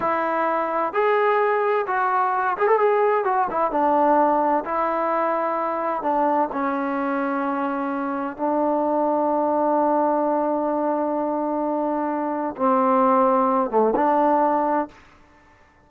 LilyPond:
\new Staff \with { instrumentName = "trombone" } { \time 4/4 \tempo 4 = 129 e'2 gis'2 | fis'4. gis'16 a'16 gis'4 fis'8 e'8 | d'2 e'2~ | e'4 d'4 cis'2~ |
cis'2 d'2~ | d'1~ | d'2. c'4~ | c'4. a8 d'2 | }